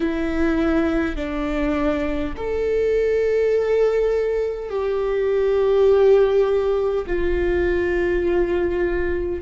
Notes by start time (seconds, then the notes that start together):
0.00 E4
1.16 D4
2.36 A4
4.70 G4
7.06 F4